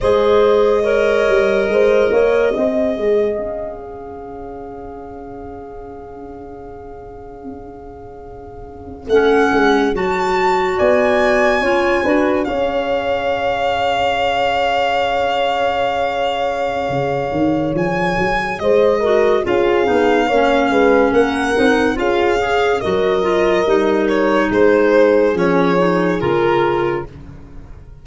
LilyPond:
<<
  \new Staff \with { instrumentName = "violin" } { \time 4/4 \tempo 4 = 71 dis''1 | f''1~ | f''2~ f''8. fis''4 a''16~ | a''8. gis''2 f''4~ f''16~ |
f''1~ | f''4 gis''4 dis''4 f''4~ | f''4 fis''4 f''4 dis''4~ | dis''8 cis''8 c''4 cis''4 ais'4 | }
  \new Staff \with { instrumentName = "horn" } { \time 4/4 c''4 cis''4 c''8 cis''8 dis''4~ | dis''8 cis''2.~ cis''8~ | cis''1~ | cis''8. d''4 cis''8 b'8 cis''4~ cis''16~ |
cis''1~ | cis''2 c''8 ais'8 gis'4 | cis''8 b'8 ais'4 gis'4 ais'4~ | ais'4 gis'2. | }
  \new Staff \with { instrumentName = "clarinet" } { \time 4/4 gis'4 ais'2 gis'4~ | gis'1~ | gis'2~ gis'8. cis'4 fis'16~ | fis'4.~ fis'16 f'8 fis'8 gis'4~ gis'16~ |
gis'1~ | gis'2~ gis'8 fis'8 f'8 dis'8 | cis'4. dis'8 f'8 gis'8 fis'8 f'8 | dis'2 cis'8 dis'8 f'4 | }
  \new Staff \with { instrumentName = "tuba" } { \time 4/4 gis4. g8 gis8 ais8 c'8 gis8 | cis'1~ | cis'2~ cis'8. a8 gis8 fis16~ | fis8. b4 cis'8 d'8 cis'4~ cis'16~ |
cis'1 | cis8 dis8 f8 fis8 gis4 cis'8 b8 | ais8 gis8 ais8 c'8 cis'4 fis4 | g4 gis4 f4 cis4 | }
>>